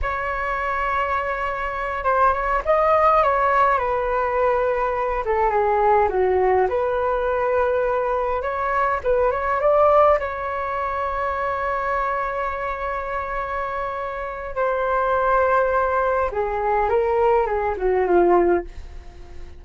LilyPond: \new Staff \with { instrumentName = "flute" } { \time 4/4 \tempo 4 = 103 cis''2.~ cis''8 c''8 | cis''8 dis''4 cis''4 b'4.~ | b'4 a'8 gis'4 fis'4 b'8~ | b'2~ b'8 cis''4 b'8 |
cis''8 d''4 cis''2~ cis''8~ | cis''1~ | cis''4 c''2. | gis'4 ais'4 gis'8 fis'8 f'4 | }